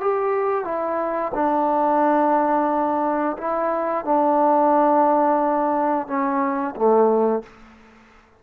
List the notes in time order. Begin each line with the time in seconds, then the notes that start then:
0.00 G4
0.64 E4
1.34 D4
3.37 E4
4.04 D4
6.07 C#4
6.75 A3